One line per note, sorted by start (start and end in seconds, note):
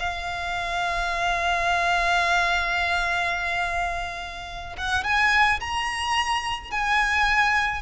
0.00 4.77 F5
4.78 5.04 F#5
5.04 5.60 G#5
5.61 6.72 A#5
6.72 7.83 G#5